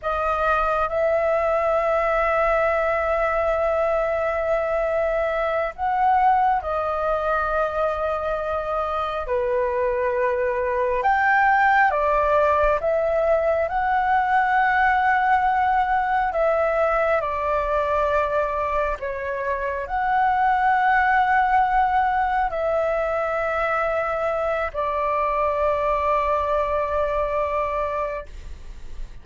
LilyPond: \new Staff \with { instrumentName = "flute" } { \time 4/4 \tempo 4 = 68 dis''4 e''2.~ | e''2~ e''8 fis''4 dis''8~ | dis''2~ dis''8 b'4.~ | b'8 g''4 d''4 e''4 fis''8~ |
fis''2~ fis''8 e''4 d''8~ | d''4. cis''4 fis''4.~ | fis''4. e''2~ e''8 | d''1 | }